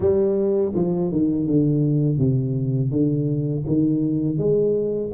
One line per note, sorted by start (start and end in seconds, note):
0.00 0.73 G3
0.75 1.11 F3
1.11 1.46 D#3
1.46 2.18 D3
2.18 2.90 C3
2.90 3.64 D3
3.66 4.38 D#3
4.38 5.11 G#3